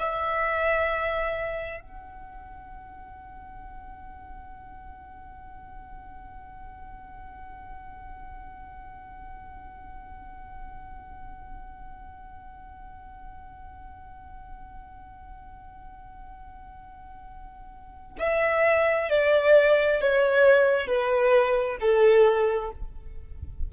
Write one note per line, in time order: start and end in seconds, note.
0.00 1.81 E5
1.81 18.17 F#5
18.19 19.10 E5
19.10 20.01 D5
20.01 20.87 C#5
20.87 21.78 B4
21.80 22.71 A4